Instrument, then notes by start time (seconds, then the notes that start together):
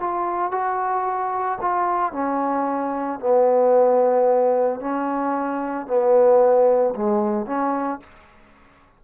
trombone
0.00 F4
0.52 F#4
1.61 F4
2.13 C#4
3.20 B3
4.80 C#4
5.87 B3
6.95 G#3
7.47 C#4